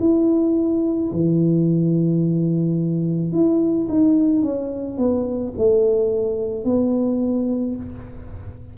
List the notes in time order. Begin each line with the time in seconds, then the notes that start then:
0.00 E4
1.12 E3
3.32 E4
3.89 D#4
4.43 C#4
4.98 B3
5.58 A3
6.65 B3